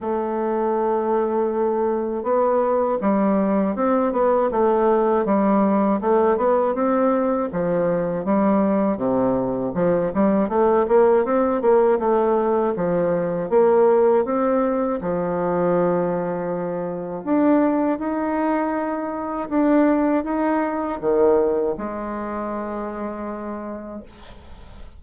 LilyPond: \new Staff \with { instrumentName = "bassoon" } { \time 4/4 \tempo 4 = 80 a2. b4 | g4 c'8 b8 a4 g4 | a8 b8 c'4 f4 g4 | c4 f8 g8 a8 ais8 c'8 ais8 |
a4 f4 ais4 c'4 | f2. d'4 | dis'2 d'4 dis'4 | dis4 gis2. | }